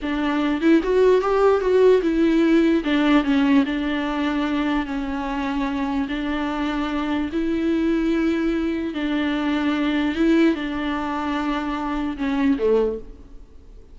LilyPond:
\new Staff \with { instrumentName = "viola" } { \time 4/4 \tempo 4 = 148 d'4. e'8 fis'4 g'4 | fis'4 e'2 d'4 | cis'4 d'2. | cis'2. d'4~ |
d'2 e'2~ | e'2 d'2~ | d'4 e'4 d'2~ | d'2 cis'4 a4 | }